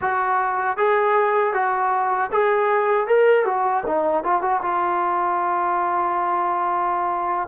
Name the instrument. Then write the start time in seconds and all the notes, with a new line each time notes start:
trombone
0.01 F#4
0.77 G#4
1.53 F#4
2.31 G#4
3.07 A#4
3.45 F#4
3.86 D#4
4.23 F4
4.41 F#4
4.62 F4